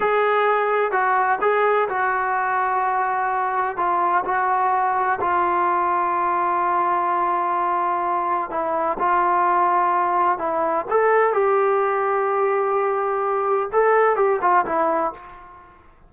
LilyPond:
\new Staff \with { instrumentName = "trombone" } { \time 4/4 \tempo 4 = 127 gis'2 fis'4 gis'4 | fis'1 | f'4 fis'2 f'4~ | f'1~ |
f'2 e'4 f'4~ | f'2 e'4 a'4 | g'1~ | g'4 a'4 g'8 f'8 e'4 | }